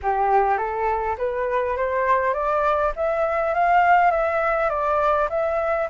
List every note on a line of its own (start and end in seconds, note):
0.02 0.57 G4
0.57 1.16 A4
1.17 1.76 B4
1.76 2.33 C5
2.33 2.92 D5
2.96 3.54 E5
3.54 4.11 F5
4.11 4.69 E5
4.69 5.28 D5
5.29 5.88 E5